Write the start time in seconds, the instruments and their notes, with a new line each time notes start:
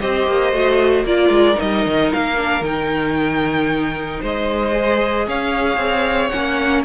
0.00 cello C4, viola G4, violin C5 D#5
0.27 cello A#3
0.52 cello A3, viola F#4
1.05 cello A#3, viola F4, violin A#4 D5
1.29 cello G#3
1.54 viola D#4, violin D#5
1.61 cello G3
1.86 cello D#3
2.13 cello A#3, violin F5
2.37 viola D4
2.61 cello D#3, viola D#4, violin G5
4.21 cello G#3, violin C5 D#5
4.72 viola G#4
5.27 cello C#4, violin C#5 F5
5.77 cello C4
6.29 cello A#3, viola C#4, violin F#5